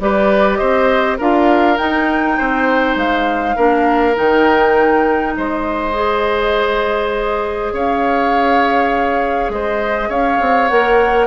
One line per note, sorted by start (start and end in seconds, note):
0.00 0.59 G3
0.00 1.19 G4
0.00 0.59 B4
0.00 0.57 D5
0.57 1.20 C4
0.57 1.18 C5
0.57 1.16 D#5
1.18 1.79 D4
1.18 1.77 F4
1.18 2.37 A#4
1.18 1.78 F5
1.77 3.56 D#4
1.77 2.38 D#4
1.77 2.96 G5
2.38 2.96 C4
2.38 3.56 C5
2.96 3.55 G#3
2.96 4.17 F5
3.56 4.17 A#3
3.56 4.15 D4
3.56 5.34 A#4
4.15 5.37 D#3
4.15 5.93 D#4
4.15 5.36 G5
5.37 7.73 G#3
5.37 7.74 C5
5.37 7.74 D#5
5.93 10.69 G#4
7.73 9.50 C#4
7.73 9.52 C#5
7.73 9.52 F5
9.50 10.09 G#3
9.50 10.09 C5
9.50 10.11 D#5
10.09 10.39 C#4
10.09 11.27 C#5
10.09 10.69 F5
10.41 10.71 C4
10.69 11.27 A#3
10.69 11.27 A#4
10.69 11.27 F#5